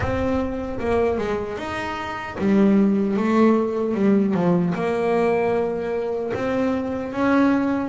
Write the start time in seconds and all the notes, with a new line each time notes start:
0.00 C4
0.79 A#3
1.18 G#3
1.57 D#4
2.38 G3
3.17 A3
3.94 G3
4.33 F3
4.74 A#3
6.34 C4
7.12 C#4